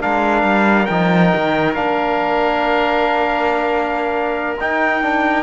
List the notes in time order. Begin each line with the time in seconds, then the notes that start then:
0.00 G#3 D4 A#4 F5
0.43 G3
0.85 F3 D#4 G5
1.35 D#3
1.74 A#3 D4 F5
4.60 D#4 G5
5.02 D4